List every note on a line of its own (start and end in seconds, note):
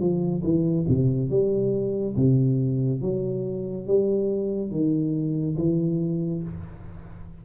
0.00 0.43 F3
0.44 0.86 E3
0.88 1.30 C3
1.30 2.15 G3
2.16 3.02 C3
3.02 3.87 F#3
3.87 4.71 G3
4.71 5.57 D#3
5.57 6.43 E3